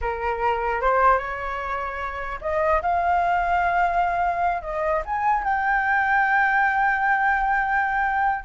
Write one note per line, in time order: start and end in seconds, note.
0.01 0.81 A#4
0.81 1.18 C5
1.18 2.39 C#5
2.41 2.81 D#5
2.82 4.62 F5
4.62 5.02 D#5
5.05 5.43 G#5
5.43 8.44 G5